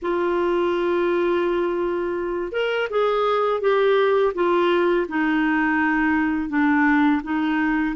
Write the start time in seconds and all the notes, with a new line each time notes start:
0.02 F4
2.52 A#4
2.90 G#4
3.60 G4
4.34 F4
5.08 D#4
6.49 D4
7.23 D#4